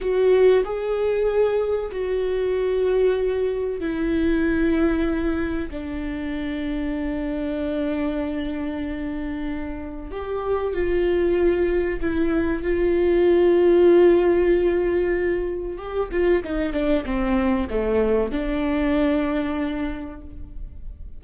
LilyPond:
\new Staff \with { instrumentName = "viola" } { \time 4/4 \tempo 4 = 95 fis'4 gis'2 fis'4~ | fis'2 e'2~ | e'4 d'2.~ | d'1 |
g'4 f'2 e'4 | f'1~ | f'4 g'8 f'8 dis'8 d'8 c'4 | a4 d'2. | }